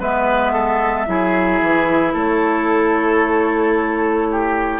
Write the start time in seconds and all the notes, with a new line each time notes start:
0.00 G#3 B3 B4 E5
0.52 A4
1.07 F#3 E4 G#4
1.62 E3
2.13 A3 A4 C#5
4.31 G4